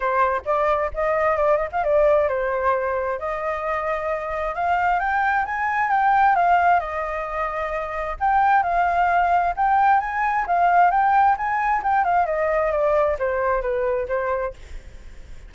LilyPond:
\new Staff \with { instrumentName = "flute" } { \time 4/4 \tempo 4 = 132 c''4 d''4 dis''4 d''8 dis''16 f''16 | d''4 c''2 dis''4~ | dis''2 f''4 g''4 | gis''4 g''4 f''4 dis''4~ |
dis''2 g''4 f''4~ | f''4 g''4 gis''4 f''4 | g''4 gis''4 g''8 f''8 dis''4 | d''4 c''4 b'4 c''4 | }